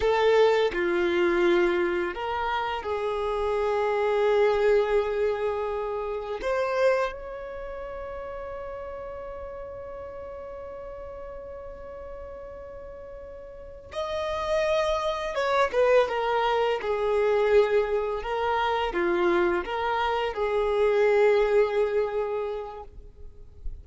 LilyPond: \new Staff \with { instrumentName = "violin" } { \time 4/4 \tempo 4 = 84 a'4 f'2 ais'4 | gis'1~ | gis'4 c''4 cis''2~ | cis''1~ |
cis''2.~ cis''8 dis''8~ | dis''4. cis''8 b'8 ais'4 gis'8~ | gis'4. ais'4 f'4 ais'8~ | ais'8 gis'2.~ gis'8 | }